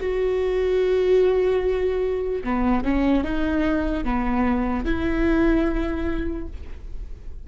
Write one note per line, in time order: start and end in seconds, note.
0.00 2.43 F#4
2.44 2.85 B3
2.85 3.24 C#4
3.24 4.05 D#4
4.05 4.85 B3
4.85 6.47 E4